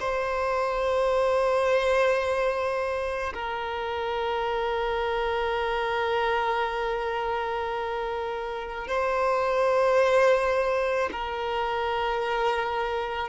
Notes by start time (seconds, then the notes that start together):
0.00 C5
3.34 A#4
8.88 C5
11.12 A#4